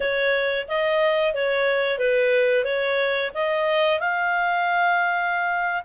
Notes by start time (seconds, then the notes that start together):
0.00 C#5
0.68 D#5
1.33 C#5
1.98 B4
2.64 C#5
3.34 D#5
3.99 F5